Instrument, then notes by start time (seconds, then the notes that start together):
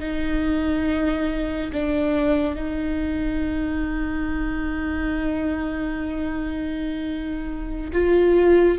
viola
0.00 D#4
1.73 D4
2.56 D#4
7.93 F4